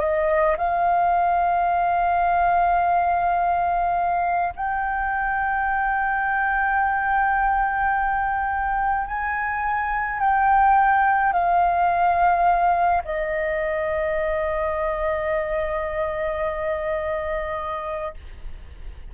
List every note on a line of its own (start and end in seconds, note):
0.00 0.57 D#5
0.58 4.54 F5
4.56 9.07 G5
9.07 10.20 G#5
10.20 11.33 G5
11.33 13.03 F5
13.05 18.14 D#5